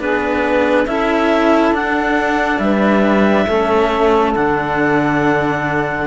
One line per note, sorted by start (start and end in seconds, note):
0.00 0.87 B3
0.00 0.87 D4
0.00 0.87 G#4
0.00 0.87 B4
0.87 1.72 C#4
0.87 1.75 E4
0.87 2.62 A4
0.87 1.74 E5
1.72 2.59 D4
1.72 3.49 D4
1.72 2.59 F#5
2.59 3.47 G3
2.59 3.47 B4
2.59 4.33 E5
3.47 4.35 A3
3.47 4.37 C#4
3.47 6.07 A4
4.36 6.08 D3
4.36 6.08 D4
4.36 6.08 F#5